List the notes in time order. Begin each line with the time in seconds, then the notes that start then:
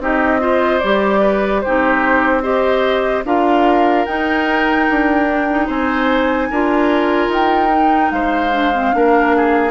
0.00 C4 D#4 G4 D#5
0.40 F4 C5
0.79 G3 G4 D5
1.20 B4
1.61 D#4 G4 C5
1.67 C4
2.43 G4 C5 D#5
3.24 D4 F4 A#4 F5
4.06 D#4 G5
4.89 D4
5.26 D4
5.50 D#4
5.67 C4 C5 G#5
6.51 D4 F4 A#4
7.28 D#4 G5
7.70 D#4
8.11 G#3 C5 F5
8.52 D4
8.73 C4
8.93 A#3 D4 A#4
9.36 G#4